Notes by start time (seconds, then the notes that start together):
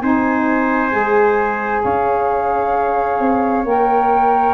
0.00 C4 D#4 C5 G#5
0.91 G#3 G#4
1.83 C#4 C#5 F5
3.19 C4
3.64 A#3 A#4 G5